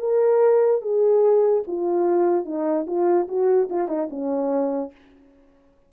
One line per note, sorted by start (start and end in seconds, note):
0.00 0.82 A#4
0.82 1.63 G#4
1.67 2.45 F4
2.45 2.86 D#4
2.87 3.28 F4
3.28 3.69 F#4
3.70 3.88 F4
3.88 4.09 D#4
4.10 4.92 C#4